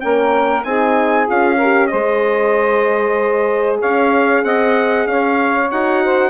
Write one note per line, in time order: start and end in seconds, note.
0.00 0.64 A#3
0.00 0.63 C#4
0.00 0.67 A#4
0.00 0.64 G5
0.64 1.27 C4
0.64 1.27 D#4
0.64 1.56 G#4
0.64 1.27 G#5
1.27 1.93 C#4
1.27 1.59 F4
1.27 1.87 F5
1.56 1.88 A#4
1.63 1.91 G4
1.87 5.70 G#4
1.87 3.80 C5
1.87 3.77 D#5
1.93 3.83 G#3
3.80 4.44 C#4
3.80 4.44 C#5
3.80 4.45 F5
4.44 5.06 C4
4.44 5.09 D#5
4.44 5.07 F#5
5.06 5.70 C#4
5.06 6.04 C#5
5.06 5.71 F5
5.71 6.30 D#4
5.71 6.30 F#4
5.71 6.30 F#5
6.04 6.30 C5